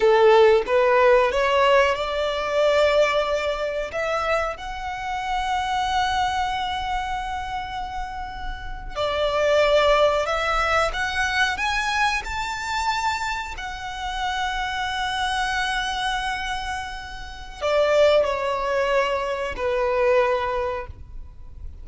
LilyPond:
\new Staff \with { instrumentName = "violin" } { \time 4/4 \tempo 4 = 92 a'4 b'4 cis''4 d''4~ | d''2 e''4 fis''4~ | fis''1~ | fis''4.~ fis''16 d''2 e''16~ |
e''8. fis''4 gis''4 a''4~ a''16~ | a''8. fis''2.~ fis''16~ | fis''2. d''4 | cis''2 b'2 | }